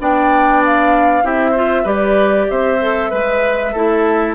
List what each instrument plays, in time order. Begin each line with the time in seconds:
0.00 bassoon B3, clarinet D4, oboe D5, flute G5
0.65 flute F5
1.24 bassoon C4, clarinet E4, oboe G4, flute E5
1.51 clarinet F4, oboe C5
1.84 bassoon G3, clarinet G4, oboe B4, flute D5
2.50 bassoon C4, oboe C5, flute E5
2.82 clarinet A4
3.10 bassoon G#3, oboe B4, clarinet B4
3.73 bassoon A3, clarinet E4, oboe A4